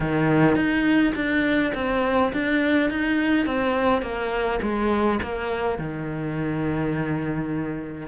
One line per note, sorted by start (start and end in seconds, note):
0.00 0.55 D#3
0.55 1.13 D#4
1.15 1.73 D4
1.74 2.32 C4
2.32 2.90 D4
2.90 3.45 D#4
3.45 4.02 C4
4.02 4.59 A#3
4.62 5.19 G#3
5.22 5.78 A#3
5.78 8.07 D#3